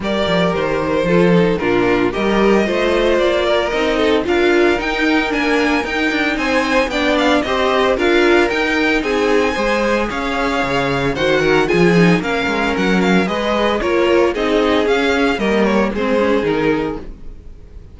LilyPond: <<
  \new Staff \with { instrumentName = "violin" } { \time 4/4 \tempo 4 = 113 d''4 c''2 ais'4 | dis''2 d''4 dis''4 | f''4 g''4 gis''4 g''4 | gis''4 g''8 f''8 dis''4 f''4 |
g''4 gis''2 f''4~ | f''4 fis''4 gis''4 f''4 | fis''8 f''8 dis''4 cis''4 dis''4 | f''4 dis''8 cis''8 c''4 ais'4 | }
  \new Staff \with { instrumentName = "violin" } { \time 4/4 ais'2 a'4 f'4 | ais'4 c''4. ais'4 a'8 | ais'1 | c''4 d''4 c''4 ais'4~ |
ais'4 gis'4 c''4 cis''4~ | cis''4 c''8 ais'8 gis'4 ais'4~ | ais'4 b'4 ais'4 gis'4~ | gis'4 ais'4 gis'2 | }
  \new Staff \with { instrumentName = "viola" } { \time 4/4 g'2 f'8 dis'8 d'4 | g'4 f'2 dis'4 | f'4 dis'4 d'4 dis'4~ | dis'4 d'4 g'4 f'4 |
dis'2 gis'2~ | gis'4 fis'4 f'8 dis'8 cis'4~ | cis'4 gis'4 f'4 dis'4 | cis'4 ais4 c'8 cis'8 dis'4 | }
  \new Staff \with { instrumentName = "cello" } { \time 4/4 g8 f8 dis4 f4 ais,4 | g4 a4 ais4 c'4 | d'4 dis'4 ais4 dis'8 d'8 | c'4 b4 c'4 d'4 |
dis'4 c'4 gis4 cis'4 | cis4 dis4 f4 ais8 gis8 | fis4 gis4 ais4 c'4 | cis'4 g4 gis4 dis4 | }
>>